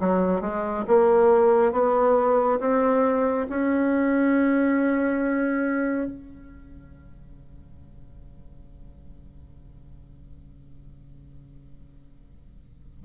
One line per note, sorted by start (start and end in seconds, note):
0.00 0.41 F#3
0.41 0.84 G#3
0.87 1.72 A#3
1.72 2.59 B3
2.60 3.47 C4
3.49 6.07 C#4
6.07 13.03 C#3